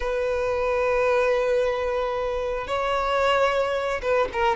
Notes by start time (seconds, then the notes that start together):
0.00 B4
2.67 C#5
4.02 B4
4.32 A#4